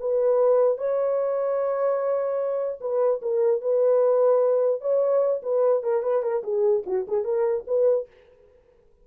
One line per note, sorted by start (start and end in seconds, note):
0.00 0.78 B4
0.78 2.79 C#5
2.81 3.21 B4
3.22 3.61 A#4
3.61 4.81 B4
4.81 5.42 C#5
5.43 5.83 B4
5.83 6.03 A#4
6.03 6.23 B4
6.23 6.43 A#4
6.43 6.84 G#4
6.86 7.06 F#4
7.08 7.24 G#4
7.24 7.65 A#4
7.67 8.07 B4